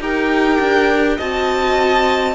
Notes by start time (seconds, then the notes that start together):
0.00 D#4 G4 A#4 G5
0.60 D4
1.17 C4 F#4 D#5 A5